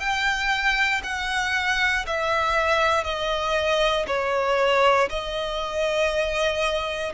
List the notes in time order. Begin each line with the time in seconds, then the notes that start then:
0.00 G5
1.04 F#5
2.07 E5
3.04 D#5
4.07 C#5
5.09 D#5